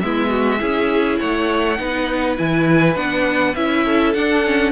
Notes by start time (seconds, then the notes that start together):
0.00 G#3 B3 E4 E5
0.29 F#4
0.58 C#4 E4 G#4
1.18 A3 C#5 F#5
1.78 B3 D#4 B4
2.36 E3 E4 G#5
2.95 B3 D4 F#5
3.54 C#4 E4 E5
3.85 A4
4.13 D4 F#5
4.44 C#4